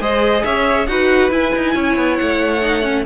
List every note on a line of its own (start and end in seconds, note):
0.00 0.43 G#3
0.00 0.88 G#4
0.00 0.44 C5
0.00 0.45 D#5
0.45 0.88 C#4
0.45 0.89 C#5
0.45 0.87 E5
0.87 1.31 D#4
0.87 1.31 F#4
0.87 1.75 B4
0.87 1.31 F#5
1.31 2.61 E4
1.31 1.53 E4
1.31 2.17 G#5
1.56 1.75 D#4
1.75 1.97 C#4
1.75 3.05 C#5
1.97 2.19 B3
2.17 3.06 A3
2.17 3.04 F#5
2.62 2.83 D#4
2.83 3.04 C#4